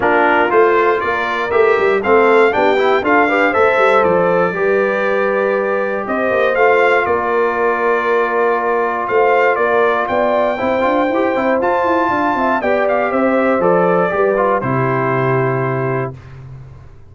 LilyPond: <<
  \new Staff \with { instrumentName = "trumpet" } { \time 4/4 \tempo 4 = 119 ais'4 c''4 d''4 e''4 | f''4 g''4 f''4 e''4 | d''1 | dis''4 f''4 d''2~ |
d''2 f''4 d''4 | g''2. a''4~ | a''4 g''8 f''8 e''4 d''4~ | d''4 c''2. | }
  \new Staff \with { instrumentName = "horn" } { \time 4/4 f'2 ais'2 | a'4 g'4 a'8 b'8 c''4~ | c''4 b'2. | c''2 ais'2~ |
ais'2 c''4 ais'4 | d''4 c''2. | f''8 e''8 d''4 c''2 | b'4 g'2. | }
  \new Staff \with { instrumentName = "trombone" } { \time 4/4 d'4 f'2 g'4 | c'4 d'8 e'8 f'8 g'8 a'4~ | a'4 g'2.~ | g'4 f'2.~ |
f'1~ | f'4 e'8 f'8 g'8 e'8 f'4~ | f'4 g'2 a'4 | g'8 f'8 e'2. | }
  \new Staff \with { instrumentName = "tuba" } { \time 4/4 ais4 a4 ais4 a8 g8 | a4 b4 d'4 a8 g8 | f4 g2. | c'8 ais8 a4 ais2~ |
ais2 a4 ais4 | b4 c'8 d'8 e'8 c'8 f'8 e'8 | d'8 c'8 b4 c'4 f4 | g4 c2. | }
>>